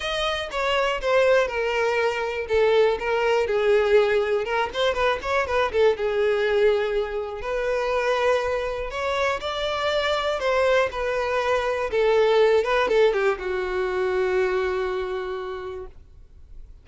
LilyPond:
\new Staff \with { instrumentName = "violin" } { \time 4/4 \tempo 4 = 121 dis''4 cis''4 c''4 ais'4~ | ais'4 a'4 ais'4 gis'4~ | gis'4 ais'8 c''8 b'8 cis''8 b'8 a'8 | gis'2. b'4~ |
b'2 cis''4 d''4~ | d''4 c''4 b'2 | a'4. b'8 a'8 g'8 fis'4~ | fis'1 | }